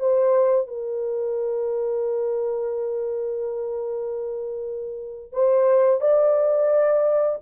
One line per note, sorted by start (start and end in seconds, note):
0.00 0.68 C5
0.68 5.33 A#4
5.33 6.01 C5
6.01 7.39 D5